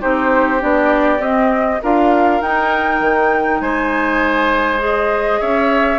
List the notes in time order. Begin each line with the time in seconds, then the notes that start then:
0.00 C4 D#4 G4 C5
0.59 B3 D4 D5
1.19 C4 D#5
1.82 D4 F4 A#4 F5
2.41 D#4 G5
3.00 D#3
3.60 G#3 C5 G#5
4.79 G#4 D#5
5.40 C#4 C#5 E5